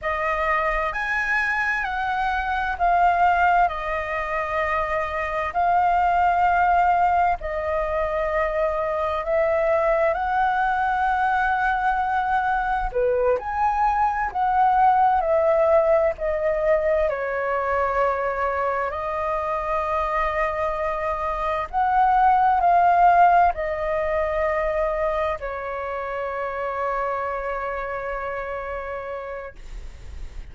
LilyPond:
\new Staff \with { instrumentName = "flute" } { \time 4/4 \tempo 4 = 65 dis''4 gis''4 fis''4 f''4 | dis''2 f''2 | dis''2 e''4 fis''4~ | fis''2 b'8 gis''4 fis''8~ |
fis''8 e''4 dis''4 cis''4.~ | cis''8 dis''2. fis''8~ | fis''8 f''4 dis''2 cis''8~ | cis''1 | }